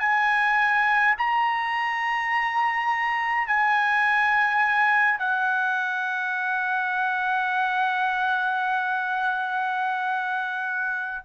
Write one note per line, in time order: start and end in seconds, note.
0.00 1.15 G#5
1.19 3.48 A#5
3.48 5.19 G#5
5.19 11.25 F#5